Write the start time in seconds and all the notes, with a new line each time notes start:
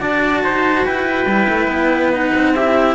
0.00 D4 F#4 D5 A5
0.44 D#4 C5
0.85 E4 B4 G5
1.26 G3 E4
1.49 A3
1.68 B3
2.13 D#4 F#5
2.34 C4
2.55 E4 G4 E5